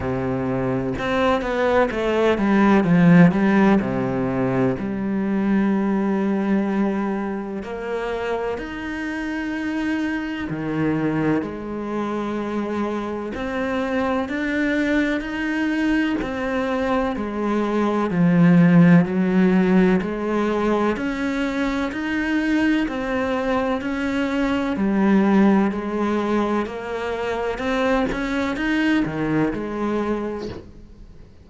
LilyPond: \new Staff \with { instrumentName = "cello" } { \time 4/4 \tempo 4 = 63 c4 c'8 b8 a8 g8 f8 g8 | c4 g2. | ais4 dis'2 dis4 | gis2 c'4 d'4 |
dis'4 c'4 gis4 f4 | fis4 gis4 cis'4 dis'4 | c'4 cis'4 g4 gis4 | ais4 c'8 cis'8 dis'8 dis8 gis4 | }